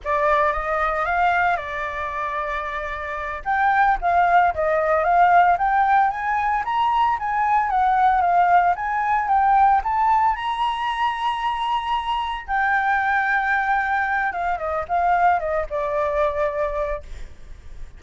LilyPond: \new Staff \with { instrumentName = "flute" } { \time 4/4 \tempo 4 = 113 d''4 dis''4 f''4 d''4~ | d''2~ d''8 g''4 f''8~ | f''8 dis''4 f''4 g''4 gis''8~ | gis''8 ais''4 gis''4 fis''4 f''8~ |
f''8 gis''4 g''4 a''4 ais''8~ | ais''2.~ ais''8 g''8~ | g''2. f''8 dis''8 | f''4 dis''8 d''2~ d''8 | }